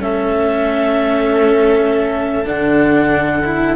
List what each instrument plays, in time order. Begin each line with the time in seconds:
0.00 cello A3 C#4, violin A4, clarinet E5
2.45 cello D3 D4, clarinet F#5
3.44 cello E4